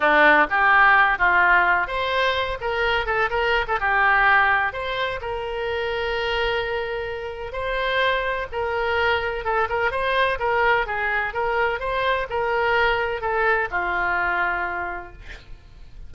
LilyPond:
\new Staff \with { instrumentName = "oboe" } { \time 4/4 \tempo 4 = 127 d'4 g'4. f'4. | c''4. ais'4 a'8 ais'8. a'16 | g'2 c''4 ais'4~ | ais'1 |
c''2 ais'2 | a'8 ais'8 c''4 ais'4 gis'4 | ais'4 c''4 ais'2 | a'4 f'2. | }